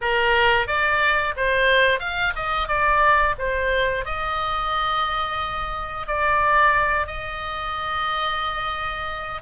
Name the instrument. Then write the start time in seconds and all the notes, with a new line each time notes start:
oboe
0.01 A#4
0.67 D5
1.36 C5
1.99 F5
2.35 D#5
2.68 D5
3.38 C5
4.05 D#5
6.07 D5
7.06 D#5